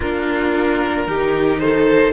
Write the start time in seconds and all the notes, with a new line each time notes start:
0.00 A#3 D4 F4 A#4
1.07 D#3 D#4 G4
1.59 A4 C5